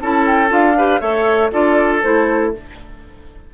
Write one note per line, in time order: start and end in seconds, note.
0.00 0.50 C#4
0.00 0.48 E4
0.00 0.77 A4
0.00 0.25 A5
0.26 0.51 G5
0.48 1.01 D4
0.48 0.73 F4
0.48 1.01 F5
0.77 1.00 G4
0.77 1.00 B4
1.00 1.51 A3
1.00 1.50 A4
1.00 1.51 C#5
1.00 1.51 E5
1.51 2.03 D4
1.51 2.01 F4
1.51 2.53 A4
1.51 2.02 D5
2.02 2.53 A3
2.02 2.52 E4
2.02 2.53 C5